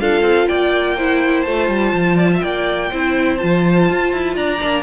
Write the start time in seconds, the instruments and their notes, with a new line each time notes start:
0.00 cello D4, viola F4, violin A4 F5
0.22 cello C4
0.48 cello A#3, violin D5 G5
0.96 viola E4, violin C5
1.43 cello A3, viola F4, violin A5
1.68 cello G3
1.93 cello F3
2.16 violin D5
2.34 violin E5
2.40 cello A#3, violin D5 G5
2.90 cello C4, viola E4, violin C5
3.37 cello F3, viola F4, violin A5
3.90 cello F4
4.12 cello E4
4.35 cello D4, violin D5 A#5
4.59 cello A#3, viola D4